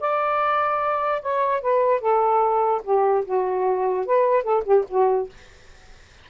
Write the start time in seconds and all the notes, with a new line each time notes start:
0.00 D5
1.22 C#5
1.61 B4
2.00 A4
2.84 G4
3.25 F#4
4.06 B4
4.43 A4
4.64 G4
4.88 F#4